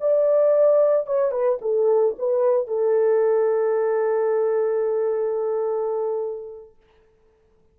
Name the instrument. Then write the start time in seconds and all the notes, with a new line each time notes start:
horn
0.00 D5
1.07 C#5
1.31 B4
1.61 A4
2.18 B4
2.67 A4